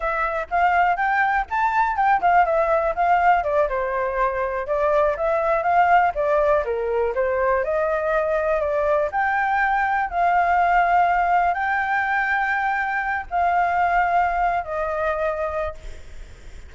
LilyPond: \new Staff \with { instrumentName = "flute" } { \time 4/4 \tempo 4 = 122 e''4 f''4 g''4 a''4 | g''8 f''8 e''4 f''4 d''8 c''8~ | c''4. d''4 e''4 f''8~ | f''8 d''4 ais'4 c''4 dis''8~ |
dis''4. d''4 g''4.~ | g''8 f''2. g''8~ | g''2. f''4~ | f''4.~ f''16 dis''2~ dis''16 | }